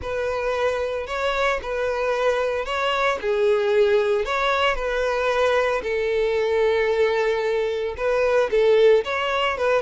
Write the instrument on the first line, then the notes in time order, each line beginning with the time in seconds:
violin
0.01 B4
1.06 C#5
1.62 B4
2.65 C#5
3.21 G#4
4.25 C#5
4.75 B4
5.82 A4
7.97 B4
8.50 A4
9.04 C#5
9.57 B4